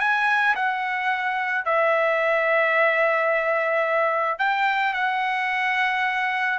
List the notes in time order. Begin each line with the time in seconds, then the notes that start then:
0.00 G#5
0.56 F#5
1.65 E5
4.39 G5
4.94 F#5